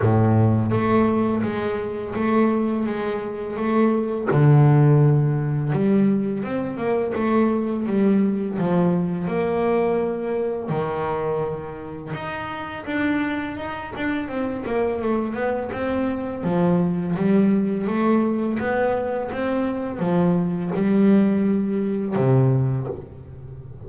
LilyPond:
\new Staff \with { instrumentName = "double bass" } { \time 4/4 \tempo 4 = 84 a,4 a4 gis4 a4 | gis4 a4 d2 | g4 c'8 ais8 a4 g4 | f4 ais2 dis4~ |
dis4 dis'4 d'4 dis'8 d'8 | c'8 ais8 a8 b8 c'4 f4 | g4 a4 b4 c'4 | f4 g2 c4 | }